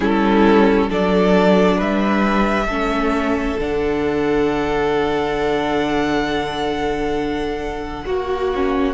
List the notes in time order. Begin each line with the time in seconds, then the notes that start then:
0.00 G3 C#4 E4 A4
0.88 F#3 D4 A4 D5
1.77 G3 B4 E5
2.66 A3 C#4 A4
3.58 D3 D4 F#5
8.05 A#3 F#4
8.54 C#4